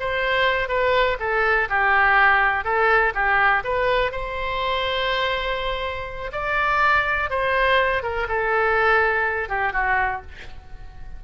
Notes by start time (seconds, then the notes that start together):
0.00 C5
0.69 B4
1.19 A4
1.69 G4
2.64 A4
3.14 G4
3.64 B4
4.12 C5
6.32 D5
7.30 C5
8.03 A#4
8.28 A4
9.49 G4
9.73 F#4